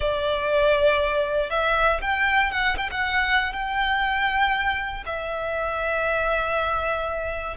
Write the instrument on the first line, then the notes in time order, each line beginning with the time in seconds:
violin
0.00 D5
1.50 E5
2.01 G5
2.51 F#5
2.77 G5
2.91 F#5
3.52 G5
5.06 E5